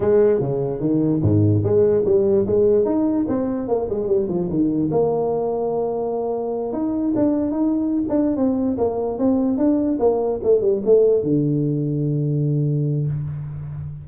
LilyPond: \new Staff \with { instrumentName = "tuba" } { \time 4/4 \tempo 4 = 147 gis4 cis4 dis4 gis,4 | gis4 g4 gis4 dis'4 | c'4 ais8 gis8 g8 f8 dis4 | ais1~ |
ais8 dis'4 d'4 dis'4~ dis'16 d'16~ | d'8 c'4 ais4 c'4 d'8~ | d'8 ais4 a8 g8 a4 d8~ | d1 | }